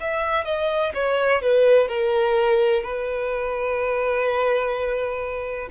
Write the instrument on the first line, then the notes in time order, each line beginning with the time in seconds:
violin
0.00 E5
0.45 D#5
0.94 C#5
1.42 B4
1.88 A#4
2.83 B4